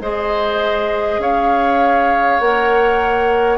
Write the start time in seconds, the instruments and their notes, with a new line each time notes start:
0.00 bassoon G#3, clarinet G#4, oboe C5, flute D#5
1.18 bassoon C#4, oboe C#5, flute F5
2.39 bassoon A#3, clarinet A#4, flute F#5